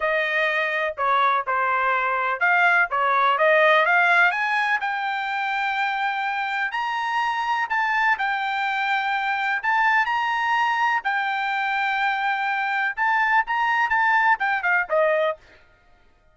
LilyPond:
\new Staff \with { instrumentName = "trumpet" } { \time 4/4 \tempo 4 = 125 dis''2 cis''4 c''4~ | c''4 f''4 cis''4 dis''4 | f''4 gis''4 g''2~ | g''2 ais''2 |
a''4 g''2. | a''4 ais''2 g''4~ | g''2. a''4 | ais''4 a''4 g''8 f''8 dis''4 | }